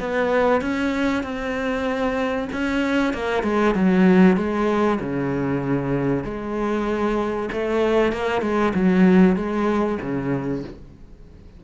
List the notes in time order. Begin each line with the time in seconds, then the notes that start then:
0.00 B3
0.61 C#4
1.23 C4
2.52 C#4
3.14 A#3
3.43 G#3
3.75 F#3
4.37 G#3
5.00 C#3
6.24 G#3
7.52 A3
8.12 A#3
8.42 G#3
8.74 F#3
9.36 G#3
10.01 C#3